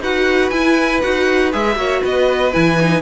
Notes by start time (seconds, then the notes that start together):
0.00 D#4 F#4 B4 F#5
0.50 E4 G#5
1.02 D#4 F#4 F#5
1.52 G#3 G#4 E5
1.76 A#3 F#4 C#5
2.01 B3 B4 D#5
2.52 E3 E4 G#5
2.81 D#4